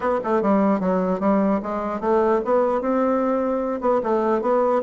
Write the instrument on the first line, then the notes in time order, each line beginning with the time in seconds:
bassoon
0.00 B3
0.23 A3
0.41 G3
0.80 F#3
1.20 G3
1.63 G#3
2.00 A3
2.45 B3
2.81 C4
3.80 B3
4.03 A3
4.41 B3